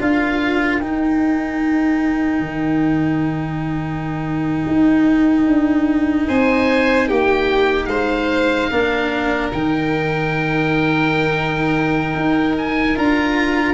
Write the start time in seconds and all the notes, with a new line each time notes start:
0.00 D4 F4 A#4 F5
0.79 D#4 G5
2.39 D#3
4.67 D#4
5.46 D4
6.27 C4 C5 G#5
7.08 A#3 G4 G5
7.85 G#3 C5 F5
8.70 A#3 D4 A#4
9.52 D#3 D#4 G5
12.15 D#4
12.58 G#5
12.95 D4 F4 A#5